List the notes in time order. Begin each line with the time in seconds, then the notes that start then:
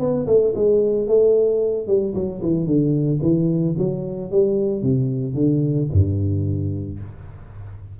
0.00 B3
0.27 A3
0.55 G#3
1.08 A3
1.87 G3
2.15 F#3
2.42 E3
2.66 D3
3.22 E3
3.78 F#3
4.31 G3
4.83 C3
5.35 D3
5.92 G2